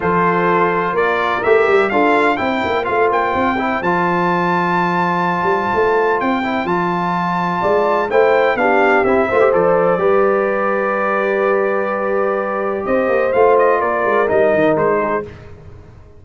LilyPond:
<<
  \new Staff \with { instrumentName = "trumpet" } { \time 4/4 \tempo 4 = 126 c''2 d''4 e''4 | f''4 g''4 f''8 g''4. | a''1~ | a''4 g''4 a''2~ |
a''4 g''4 f''4 e''4 | d''1~ | d''2. dis''4 | f''8 dis''8 d''4 dis''4 c''4 | }
  \new Staff \with { instrumentName = "horn" } { \time 4/4 a'2 ais'2 | a'4 c''2.~ | c''1~ | c''1 |
d''4 c''4 g'4. c''8~ | c''4 b'2.~ | b'2. c''4~ | c''4 ais'2~ ais'8 gis'8 | }
  \new Staff \with { instrumentName = "trombone" } { \time 4/4 f'2. g'4 | f'4 e'4 f'4. e'8 | f'1~ | f'4. e'8 f'2~ |
f'4 e'4 d'4 e'8 f'16 g'16 | a'4 g'2.~ | g'1 | f'2 dis'2 | }
  \new Staff \with { instrumentName = "tuba" } { \time 4/4 f2 ais4 a8 g8 | d'4 c'8 ais8 a8 ais8 c'4 | f2.~ f8 g8 | a4 c'4 f2 |
gis4 a4 b4 c'8 a8 | f4 g2.~ | g2. c'8 ais8 | a4 ais8 gis8 g8 dis8 gis4 | }
>>